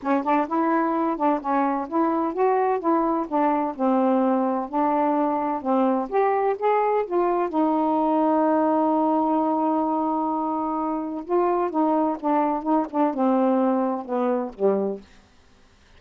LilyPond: \new Staff \with { instrumentName = "saxophone" } { \time 4/4 \tempo 4 = 128 cis'8 d'8 e'4. d'8 cis'4 | e'4 fis'4 e'4 d'4 | c'2 d'2 | c'4 g'4 gis'4 f'4 |
dis'1~ | dis'1 | f'4 dis'4 d'4 dis'8 d'8 | c'2 b4 g4 | }